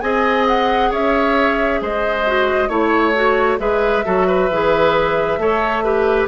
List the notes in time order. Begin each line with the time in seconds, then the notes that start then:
0.00 C4 G#4 D#5 G#5
0.47 F#5
0.90 C#4 C#5 E5
1.81 G#3 C5 D#5
2.26 F#4
2.68 A3 E4 C#5
3.15 F#4
3.58 G#3 G#4 B4 E5
4.04 F#3 F#4 A4
4.27 B4
4.49 E3 G#4
5.37 A3 A4 C#5
5.84 G4 B4